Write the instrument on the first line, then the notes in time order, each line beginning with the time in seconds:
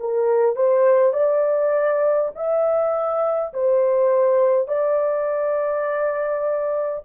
horn
0.00 A#4
0.56 C5
1.13 D5
2.36 E5
3.53 C5
4.68 D5